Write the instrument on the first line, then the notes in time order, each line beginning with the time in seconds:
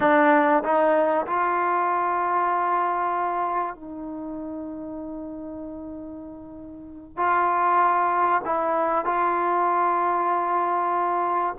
trombone
0.00 D4
0.63 D#4
1.26 F4
3.75 D#4
7.16 F4
8.45 E4
9.05 F4